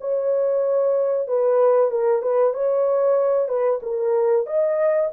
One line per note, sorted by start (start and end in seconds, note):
0.00 1.27 C#5
1.27 1.91 B4
1.91 2.22 A#4
2.22 2.53 B4
2.53 3.48 C#5
3.48 3.80 B4
3.82 4.46 A#4
4.46 5.10 D#5